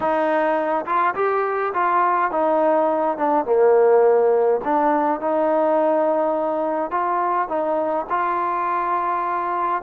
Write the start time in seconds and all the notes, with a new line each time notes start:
0.00 D#4
0.85 F4
1.15 G4
1.73 F4
2.31 D#4
3.17 D4
3.45 A#3
4.64 D4
5.20 D#4
6.90 F4
7.48 D#4
8.09 F4